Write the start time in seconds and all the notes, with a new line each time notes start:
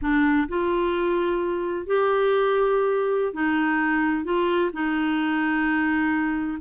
0.01 D4
0.48 F4
1.86 G4
3.33 D#4
4.24 F4
4.73 D#4